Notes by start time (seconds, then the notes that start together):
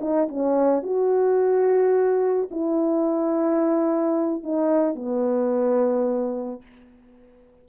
0.00 D#4
0.28 C#4
0.83 F#4
2.51 E4
4.43 D#4
4.95 B3